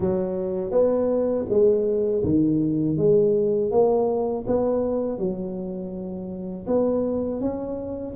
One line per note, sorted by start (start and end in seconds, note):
0.00 0.71 F#3
0.71 1.45 B3
1.49 2.23 G#3
2.23 2.97 D#3
2.97 3.71 G#3
3.71 4.45 A#3
4.46 5.18 B3
5.18 6.66 F#3
6.67 7.40 B3
7.40 8.14 C#4